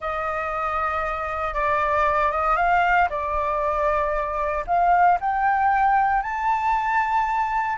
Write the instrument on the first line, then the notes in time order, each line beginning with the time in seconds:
flute
0.00 D#5
1.54 D5
2.31 D#5
2.56 F5
3.09 D5
4.66 F5
5.20 G5
6.22 A5